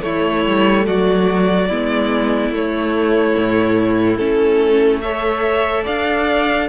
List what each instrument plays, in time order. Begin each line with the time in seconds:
0.00 viola A3, cello A3, violin E4 C#5
0.46 cello G3
0.86 cello F#3, violin F#4 D5
1.69 cello G#3, viola B3, violin E4
2.50 cello A3, viola A3, violin C#5
3.37 cello A2
4.17 cello A3, viola C#4, violin A4
5.01 viola A4, violin C#5 E5
5.84 cello D4, violin D5 F5